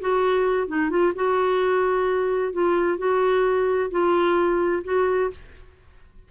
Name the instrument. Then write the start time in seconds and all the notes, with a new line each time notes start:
clarinet
0.00 F#4
0.67 D#4
0.89 F4
1.15 F#4
2.52 F4
2.98 F#4
3.90 F4
4.84 F#4